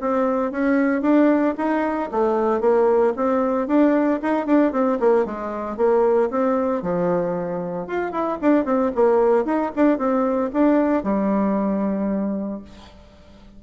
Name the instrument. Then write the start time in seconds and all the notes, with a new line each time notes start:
bassoon
0.00 C4
0.51 C#4
1.01 D4
1.57 D#4
2.11 A3
2.60 A#3
3.16 C4
3.67 D4
4.22 D#4
4.46 D4
4.72 C4
5.00 A#3
5.25 G#3
5.77 A#3
6.30 C4
6.82 F3
7.87 F4
8.11 E4
8.41 D4
8.65 C4
8.94 A#3
9.44 D#4
9.76 D4
9.98 C4
10.53 D4
11.03 G3